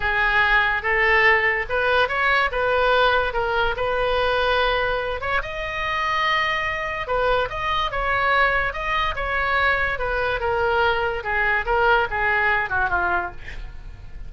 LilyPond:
\new Staff \with { instrumentName = "oboe" } { \time 4/4 \tempo 4 = 144 gis'2 a'2 | b'4 cis''4 b'2 | ais'4 b'2.~ | b'8 cis''8 dis''2.~ |
dis''4 b'4 dis''4 cis''4~ | cis''4 dis''4 cis''2 | b'4 ais'2 gis'4 | ais'4 gis'4. fis'8 f'4 | }